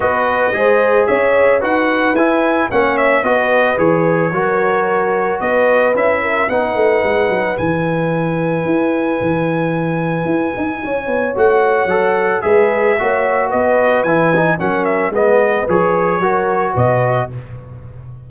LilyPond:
<<
  \new Staff \with { instrumentName = "trumpet" } { \time 4/4 \tempo 4 = 111 dis''2 e''4 fis''4 | gis''4 fis''8 e''8 dis''4 cis''4~ | cis''2 dis''4 e''4 | fis''2 gis''2~ |
gis''1~ | gis''4 fis''2 e''4~ | e''4 dis''4 gis''4 fis''8 e''8 | dis''4 cis''2 dis''4 | }
  \new Staff \with { instrumentName = "horn" } { \time 4/4 b'4 c''4 cis''4 b'4~ | b'4 cis''4 b'2 | ais'2 b'4. ais'8 | b'1~ |
b'1 | cis''2. b'4 | cis''4 b'2 ais'4 | b'2 ais'4 b'4 | }
  \new Staff \with { instrumentName = "trombone" } { \time 4/4 fis'4 gis'2 fis'4 | e'4 cis'4 fis'4 gis'4 | fis'2. e'4 | dis'2 e'2~ |
e'1~ | e'4 fis'4 a'4 gis'4 | fis'2 e'8 dis'8 cis'4 | b4 gis'4 fis'2 | }
  \new Staff \with { instrumentName = "tuba" } { \time 4/4 b4 gis4 cis'4 dis'4 | e'4 ais4 b4 e4 | fis2 b4 cis'4 | b8 a8 gis8 fis8 e2 |
e'4 e2 e'8 dis'8 | cis'8 b8 a4 fis4 gis4 | ais4 b4 e4 fis4 | gis4 f4 fis4 b,4 | }
>>